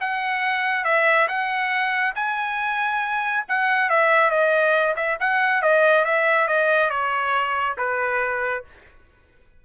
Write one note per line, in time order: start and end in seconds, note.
0.00 0.84 F#5
0.84 1.27 E5
1.28 2.14 F#5
2.15 3.44 G#5
3.48 3.89 F#5
3.89 4.30 E5
4.30 4.95 D#5
4.96 5.17 E5
5.20 5.62 F#5
5.62 6.04 D#5
6.04 6.47 E5
6.47 6.90 D#5
6.90 7.76 C#5
7.77 8.64 B4